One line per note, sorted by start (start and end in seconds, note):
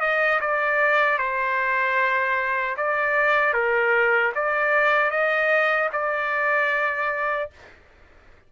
0.00 0.39 D#5
0.41 1.18 D5
1.18 2.76 C5
2.77 3.53 D5
3.53 4.32 A#4
4.35 5.11 D5
5.11 5.90 D#5
5.92 7.50 D5